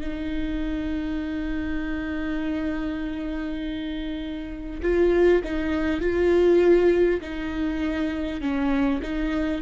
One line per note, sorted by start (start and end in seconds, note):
0.00 4.80 D#4
4.82 5.42 F4
5.43 6.01 D#4
6.01 7.21 F4
7.21 8.41 D#4
8.41 9.01 C#4
9.02 9.61 D#4